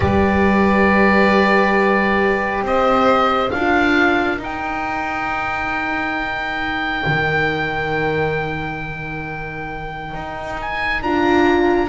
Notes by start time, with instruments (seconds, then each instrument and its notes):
0.00 double bass G3, horn G4, violin B4, oboe D5
2.62 double bass C4, violin C5, oboe D#5
3.50 double bass D4, horn F4, violin A#4, oboe F5
4.38 double bass D#4, horn D#4, oboe G5
7.06 double bass D#3
10.14 double bass D#4
10.61 oboe G#5
11.01 double bass D4, horn F4, oboe A#5